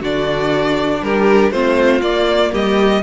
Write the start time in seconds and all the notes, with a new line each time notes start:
0.00 D3 D4 F#4 D5
1.01 G3 G4 A#4
1.51 A3 C4 F4 C5
2.01 A#3 D5
2.52 G3 G4 D#5